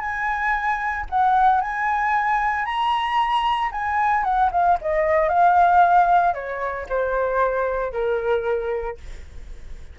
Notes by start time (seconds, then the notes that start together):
0.00 G#5
1.10 F#5
1.61 G#5
2.65 A#5
3.72 G#5
4.24 F#5
4.52 F5
4.81 D#5
5.29 F5
6.34 C#5
6.89 C5
7.92 A#4